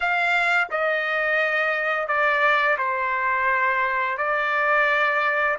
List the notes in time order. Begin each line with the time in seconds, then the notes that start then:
0.00 F5
0.70 D#5
2.07 D5
2.77 C5
4.17 D5